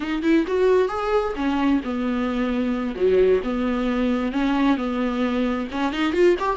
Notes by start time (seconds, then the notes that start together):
0.00 D#4
0.22 E4
0.47 F#4
0.88 G#4
1.35 C#4
1.83 B3
2.95 F#3
3.43 B3
4.32 C#4
4.77 B3
5.71 C#4
5.92 D#4
6.12 F4
6.39 G4